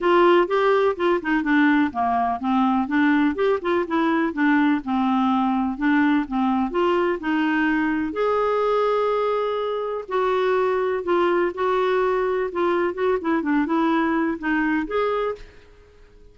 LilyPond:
\new Staff \with { instrumentName = "clarinet" } { \time 4/4 \tempo 4 = 125 f'4 g'4 f'8 dis'8 d'4 | ais4 c'4 d'4 g'8 f'8 | e'4 d'4 c'2 | d'4 c'4 f'4 dis'4~ |
dis'4 gis'2.~ | gis'4 fis'2 f'4 | fis'2 f'4 fis'8 e'8 | d'8 e'4. dis'4 gis'4 | }